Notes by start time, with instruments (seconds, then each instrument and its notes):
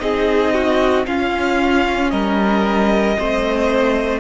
0.00 cello C4, viola D#4, violin G#4 D#5
0.54 violin F#4
1.07 viola C#4, cello C#4, violin F4 F5
2.11 cello G3, violin A#4 D#5
3.18 cello A3, viola C4, violin C5